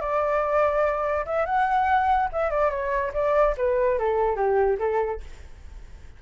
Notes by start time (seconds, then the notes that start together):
0.00 D5
1.25 E5
1.45 F#5
2.32 E5
2.50 D5
2.70 C#5
3.13 D5
3.57 B4
3.98 A4
4.36 G4
4.78 A4